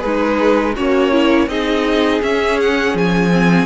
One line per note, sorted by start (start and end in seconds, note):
0.00 0.78 G#3
0.00 0.77 D#4
0.00 0.73 G#4
0.00 0.75 B4
0.76 1.48 A#3
0.76 1.50 C#4
0.76 1.12 F#4
0.76 1.49 C#5
1.12 1.49 E4
1.48 2.21 C4
1.48 2.22 D#4
1.48 3.66 G#4
1.48 2.22 D#5
2.22 3.32 C#4
2.22 2.95 C#4
2.22 2.60 E5
2.61 2.97 F#5
2.95 3.66 F3
2.95 3.66 G#5
3.32 3.66 C4